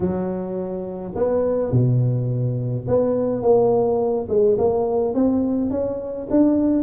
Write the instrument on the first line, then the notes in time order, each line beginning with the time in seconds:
tuba
0.00 F#3
1.15 B3
1.71 B2
2.87 B3
3.42 A#3
4.29 G#3
4.58 A#3
5.14 C4
5.70 C#4
6.30 D4